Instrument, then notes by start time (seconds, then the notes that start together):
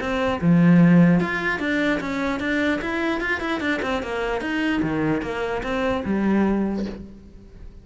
cello
0.00 C4
0.41 F3
1.20 F4
1.60 D4
2.00 C#4
2.40 D4
2.82 E4
3.21 F4
3.40 E4
3.60 D4
3.82 C4
4.03 A#3
4.41 D#4
4.82 D#3
5.22 A#3
5.63 C4
6.05 G3